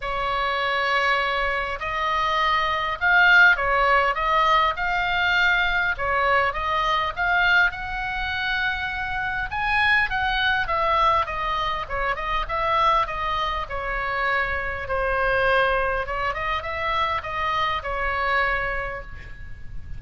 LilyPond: \new Staff \with { instrumentName = "oboe" } { \time 4/4 \tempo 4 = 101 cis''2. dis''4~ | dis''4 f''4 cis''4 dis''4 | f''2 cis''4 dis''4 | f''4 fis''2. |
gis''4 fis''4 e''4 dis''4 | cis''8 dis''8 e''4 dis''4 cis''4~ | cis''4 c''2 cis''8 dis''8 | e''4 dis''4 cis''2 | }